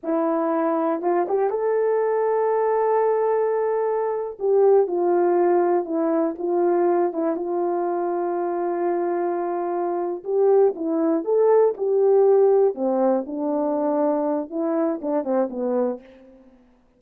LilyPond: \new Staff \with { instrumentName = "horn" } { \time 4/4 \tempo 4 = 120 e'2 f'8 g'8 a'4~ | a'1~ | a'8. g'4 f'2 e'16~ | e'8. f'4. e'8 f'4~ f'16~ |
f'1~ | f'8 g'4 e'4 a'4 g'8~ | g'4. c'4 d'4.~ | d'4 e'4 d'8 c'8 b4 | }